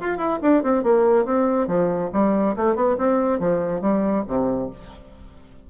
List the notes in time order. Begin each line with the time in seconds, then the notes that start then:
0.00 F4
0.17 E4
0.41 D4
0.63 C4
0.83 A#3
1.25 C4
1.67 F3
2.13 G3
2.56 A3
2.75 B3
2.98 C4
3.39 F3
3.81 G3
4.27 C3